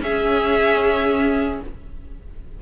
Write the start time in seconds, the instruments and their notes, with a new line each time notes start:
0.00 cello C#4, viola C#4, violin G#4 E5